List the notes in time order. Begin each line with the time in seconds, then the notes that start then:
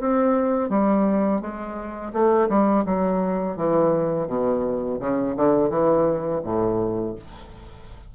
0.00 C4
0.70 G3
1.41 G#3
2.13 A3
2.49 G3
2.86 F#3
3.57 E3
4.28 B2
5.00 C#3
5.36 D3
5.70 E3
6.44 A2